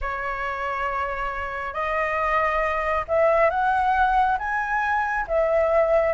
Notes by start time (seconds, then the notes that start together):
0.01 C#5
1.73 D#5
3.08 E5
3.50 F#5
4.38 G#5
5.27 E5